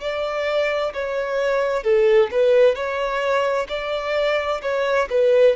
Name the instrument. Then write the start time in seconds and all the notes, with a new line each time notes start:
violin
0.00 D5
0.93 C#5
1.83 A4
2.31 B4
2.74 C#5
3.68 D5
4.62 C#5
5.09 B4